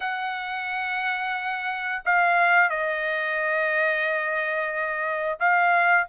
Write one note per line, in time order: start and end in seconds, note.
0.00 2.02 F#5
2.05 2.69 F5
2.69 5.39 D#5
5.39 6.07 F5